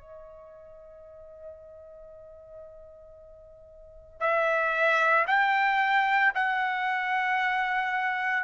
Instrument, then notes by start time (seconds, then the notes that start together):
trumpet
0.00 D#5
4.21 E5
5.27 G5
6.35 F#5